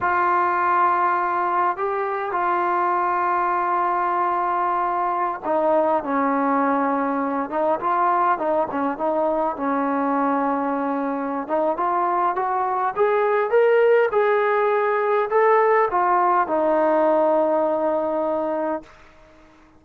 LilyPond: \new Staff \with { instrumentName = "trombone" } { \time 4/4 \tempo 4 = 102 f'2. g'4 | f'1~ | f'4~ f'16 dis'4 cis'4.~ cis'16~ | cis'8. dis'8 f'4 dis'8 cis'8 dis'8.~ |
dis'16 cis'2.~ cis'16 dis'8 | f'4 fis'4 gis'4 ais'4 | gis'2 a'4 f'4 | dis'1 | }